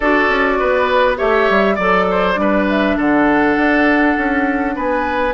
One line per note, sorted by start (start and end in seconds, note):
0.00 0.28 D4
0.00 1.16 F#4
0.00 0.58 A4
0.00 1.15 D5
0.28 0.58 C#4
0.59 1.20 B3
0.59 1.17 B4
1.16 1.49 A3
1.16 1.76 G4
1.16 1.75 C#5
1.16 1.76 E5
1.49 1.78 G3
1.75 2.37 F#3
1.75 2.35 A4
1.75 2.04 D5
1.75 2.65 D5
2.10 2.40 C5
2.35 2.96 G3
2.35 5.32 D4
2.35 2.97 B4
2.69 2.98 E5
2.97 3.56 D3
2.97 4.75 A4
2.97 4.76 F#5
3.56 4.16 D4
4.17 4.75 C#4
4.75 5.33 B3
4.75 5.33 B4
4.75 5.33 G#5